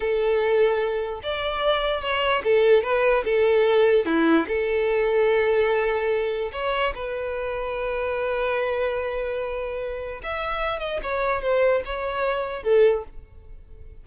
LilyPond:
\new Staff \with { instrumentName = "violin" } { \time 4/4 \tempo 4 = 147 a'2. d''4~ | d''4 cis''4 a'4 b'4 | a'2 e'4 a'4~ | a'1 |
cis''4 b'2.~ | b'1~ | b'4 e''4. dis''8 cis''4 | c''4 cis''2 a'4 | }